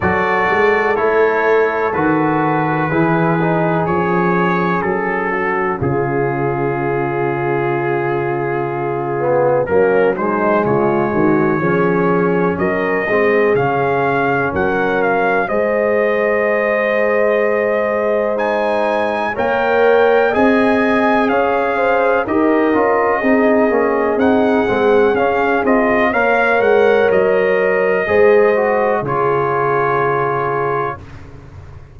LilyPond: <<
  \new Staff \with { instrumentName = "trumpet" } { \time 4/4 \tempo 4 = 62 d''4 cis''4 b'2 | cis''4 a'4 gis'2~ | gis'2 ais'8 c''8 cis''4~ | cis''4 dis''4 f''4 fis''8 f''8 |
dis''2. gis''4 | g''4 gis''4 f''4 dis''4~ | dis''4 fis''4 f''8 dis''8 f''8 fis''8 | dis''2 cis''2 | }
  \new Staff \with { instrumentName = "horn" } { \time 4/4 a'2. gis'4~ | gis'4. fis'8 f'2~ | f'2 cis'8 dis'8 f'8 fis'8 | gis'4 ais'8 gis'4. ais'4 |
c''1 | cis''4 dis''4 cis''8 c''8 ais'4 | gis'2. cis''4~ | cis''4 c''4 gis'2 | }
  \new Staff \with { instrumentName = "trombone" } { \time 4/4 fis'4 e'4 fis'4 e'8 dis'8 | cis'1~ | cis'4. b8 ais8 gis4. | cis'4. c'8 cis'2 |
gis'2. dis'4 | ais'4 gis'2 g'8 f'8 | dis'8 cis'8 dis'8 c'8 cis'8 f'8 ais'4~ | ais'4 gis'8 fis'8 f'2 | }
  \new Staff \with { instrumentName = "tuba" } { \time 4/4 fis8 gis8 a4 dis4 e4 | f4 fis4 cis2~ | cis2 fis4 cis8 dis8 | f4 fis8 gis8 cis4 fis4 |
gis1 | ais4 c'4 cis'4 dis'8 cis'8 | c'8 ais8 c'8 gis8 cis'8 c'8 ais8 gis8 | fis4 gis4 cis2 | }
>>